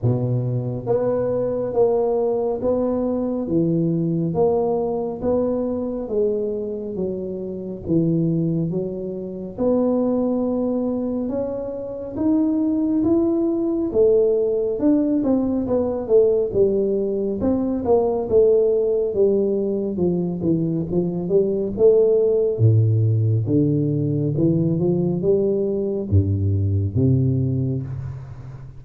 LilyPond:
\new Staff \with { instrumentName = "tuba" } { \time 4/4 \tempo 4 = 69 b,4 b4 ais4 b4 | e4 ais4 b4 gis4 | fis4 e4 fis4 b4~ | b4 cis'4 dis'4 e'4 |
a4 d'8 c'8 b8 a8 g4 | c'8 ais8 a4 g4 f8 e8 | f8 g8 a4 a,4 d4 | e8 f8 g4 g,4 c4 | }